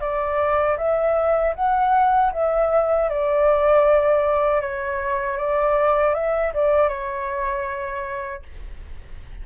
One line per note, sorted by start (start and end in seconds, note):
0.00 0.77 D5
0.77 1.54 E5
1.55 2.32 F#5
2.32 3.09 E5
3.09 4.61 D5
4.61 5.37 C#5
5.37 6.14 D5
6.14 6.52 E5
6.54 6.88 D5
6.88 8.42 C#5